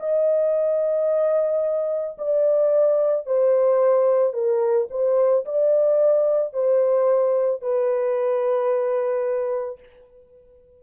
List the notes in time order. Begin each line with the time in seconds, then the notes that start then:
0.00 D#5
2.19 D5
3.27 C5
4.33 A#4
4.91 C5
5.45 D5
6.54 C5
7.62 B4